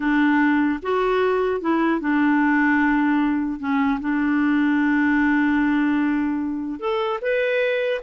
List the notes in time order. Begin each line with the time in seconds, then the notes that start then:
0.00 D4
0.82 F#4
1.60 E4
2.00 D4
3.59 C#4
4.00 D4
6.79 A4
7.21 B4